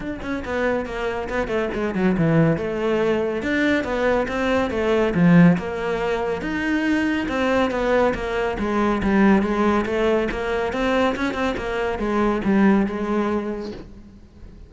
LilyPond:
\new Staff \with { instrumentName = "cello" } { \time 4/4 \tempo 4 = 140 d'8 cis'8 b4 ais4 b8 a8 | gis8 fis8 e4 a2 | d'4 b4 c'4 a4 | f4 ais2 dis'4~ |
dis'4 c'4 b4 ais4 | gis4 g4 gis4 a4 | ais4 c'4 cis'8 c'8 ais4 | gis4 g4 gis2 | }